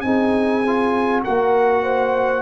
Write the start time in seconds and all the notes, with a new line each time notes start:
0.00 C4 D#4 G#4 G#5
0.66 F4
1.23 A#3 F#4 A#4 F#5
1.83 C5